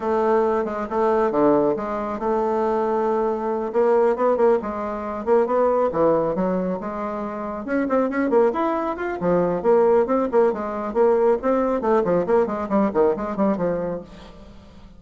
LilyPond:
\new Staff \with { instrumentName = "bassoon" } { \time 4/4 \tempo 4 = 137 a4. gis8 a4 d4 | gis4 a2.~ | a8 ais4 b8 ais8 gis4. | ais8 b4 e4 fis4 gis8~ |
gis4. cis'8 c'8 cis'8 ais8 e'8~ | e'8 f'8 f4 ais4 c'8 ais8 | gis4 ais4 c'4 a8 f8 | ais8 gis8 g8 dis8 gis8 g8 f4 | }